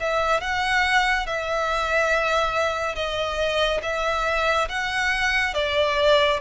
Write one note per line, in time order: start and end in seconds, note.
0.00 0.41 E5
0.41 1.26 F#5
1.26 2.95 E5
2.95 3.81 D#5
3.83 4.68 E5
4.69 5.54 F#5
5.54 6.40 D5